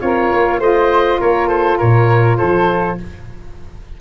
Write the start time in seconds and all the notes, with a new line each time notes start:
0.00 C4 F4 A#4 C#5
0.31 A#3
0.59 A3 F4 C5 D#5
1.20 A#3 A#4 C#5
1.48 A4 C5
1.78 A#2 A#4 C#5
2.37 F3 A4 C5